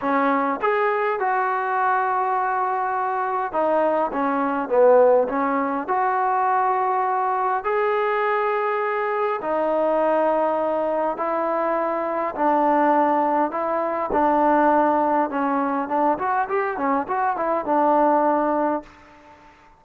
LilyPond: \new Staff \with { instrumentName = "trombone" } { \time 4/4 \tempo 4 = 102 cis'4 gis'4 fis'2~ | fis'2 dis'4 cis'4 | b4 cis'4 fis'2~ | fis'4 gis'2. |
dis'2. e'4~ | e'4 d'2 e'4 | d'2 cis'4 d'8 fis'8 | g'8 cis'8 fis'8 e'8 d'2 | }